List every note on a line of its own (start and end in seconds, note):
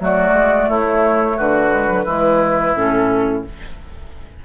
0.00 0.33 F#3
0.00 1.70 A3
0.00 0.70 F#4
0.00 0.70 D5
0.33 0.67 G#3
0.69 1.38 A3
0.69 1.37 E4
0.69 1.39 C#5
1.37 2.06 D3
1.37 2.05 F#4
1.37 2.76 B4
1.70 1.87 G#3
1.88 2.05 F#3
2.05 2.75 E3
2.05 2.75 G#3
2.05 3.43 E4
2.76 3.45 A2
2.76 3.45 C#4
2.76 3.45 A4